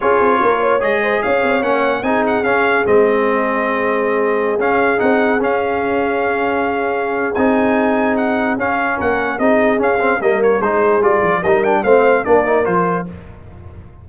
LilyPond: <<
  \new Staff \with { instrumentName = "trumpet" } { \time 4/4 \tempo 4 = 147 cis''2 dis''4 f''4 | fis''4 gis''8 fis''8 f''4 dis''4~ | dis''2.~ dis''16 f''8.~ | f''16 fis''4 f''2~ f''8.~ |
f''2 gis''2 | fis''4 f''4 fis''4 dis''4 | f''4 dis''8 cis''8 c''4 d''4 | dis''8 g''8 f''4 d''4 c''4 | }
  \new Staff \with { instrumentName = "horn" } { \time 4/4 gis'4 ais'8 cis''4 c''8 cis''4~ | cis''4 gis'2.~ | gis'1~ | gis'1~ |
gis'1~ | gis'2 ais'4 gis'4~ | gis'4 ais'4 gis'2 | ais'4 c''4 ais'2 | }
  \new Staff \with { instrumentName = "trombone" } { \time 4/4 f'2 gis'2 | cis'4 dis'4 cis'4 c'4~ | c'2.~ c'16 cis'8.~ | cis'16 dis'4 cis'2~ cis'8.~ |
cis'2 dis'2~ | dis'4 cis'2 dis'4 | cis'8 c'8 ais4 dis'4 f'4 | dis'8 d'8 c'4 d'8 dis'8 f'4 | }
  \new Staff \with { instrumentName = "tuba" } { \time 4/4 cis'8 c'8 ais4 gis4 cis'8 c'8 | ais4 c'4 cis'4 gis4~ | gis2.~ gis16 cis'8.~ | cis'16 c'4 cis'2~ cis'8.~ |
cis'2 c'2~ | c'4 cis'4 ais4 c'4 | cis'4 g4 gis4 g8 f8 | g4 a4 ais4 f4 | }
>>